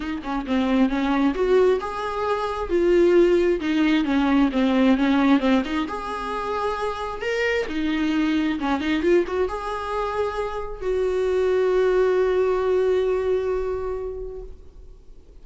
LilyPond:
\new Staff \with { instrumentName = "viola" } { \time 4/4 \tempo 4 = 133 dis'8 cis'8 c'4 cis'4 fis'4 | gis'2 f'2 | dis'4 cis'4 c'4 cis'4 | c'8 dis'8 gis'2. |
ais'4 dis'2 cis'8 dis'8 | f'8 fis'8 gis'2. | fis'1~ | fis'1 | }